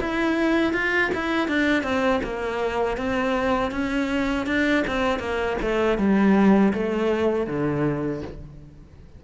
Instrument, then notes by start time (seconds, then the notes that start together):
cello
0.00 E4
0.73 F4
1.15 E4
1.48 D4
1.83 C4
2.24 A#3
2.97 C4
3.71 C#4
4.46 D4
4.87 C4
5.19 A#3
5.61 A3
5.98 G3
6.73 A3
7.47 D3